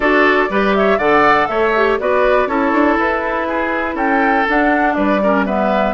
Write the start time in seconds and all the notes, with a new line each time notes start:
0.00 D4 F#4 A4 D5
0.49 G3 G4 B4
0.74 C#5 E5
0.98 D3 A4 D5 F#5
1.47 A3 C#5 E5
1.75 G4
2.00 B3 F#4 B4 D5
2.46 C#4 E4 A4 C#5
2.72 D4
2.98 E4 B4
3.47 G#4
3.95 C#4 A4 G5
4.47 D4 F#5
4.93 G3 B4 D5
5.22 C#4 A#4
5.45 B3 B4 E5